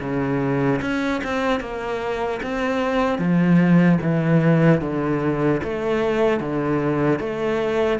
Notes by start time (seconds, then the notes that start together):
0.00 C#3
0.81 C#4
1.23 C4
1.60 A#3
2.42 C4
3.18 F3
4.01 E3
4.81 D3
5.63 A3
6.40 D3
7.19 A3